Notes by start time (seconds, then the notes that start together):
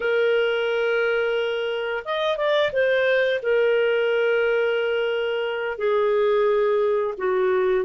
0.00 A#4
2.05 D#5
2.37 D5
2.72 C5
3.42 A#4
5.78 G#4
7.17 F#4